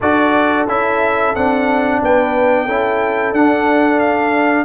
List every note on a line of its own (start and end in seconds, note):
0.00 0.67 D4
0.00 0.68 F#4
0.00 2.00 A4
0.00 0.67 D5
0.67 1.34 C#4
0.67 1.34 E4
0.67 1.35 E5
1.34 2.01 C4
1.34 2.68 D4
1.34 2.01 F#5
2.02 2.67 B3
2.02 2.65 B4
2.02 3.34 G5
2.65 3.32 C#4
2.65 3.34 E4
2.65 4.64 A4
3.32 4.64 D4
3.32 3.99 F#5
3.99 4.64 F5